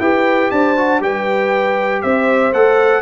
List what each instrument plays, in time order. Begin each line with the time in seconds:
0.00 tuba E4, trombone G4, horn B4, trumpet G5
0.51 tuba D4, horn C5, trumpet A5
0.77 trombone F#4
1.00 tuba G3, trombone G4, horn B4, trumpet G5
2.02 tuba C4, horn C5, trumpet E5
2.53 tuba A3, trombone A4, trumpet F#5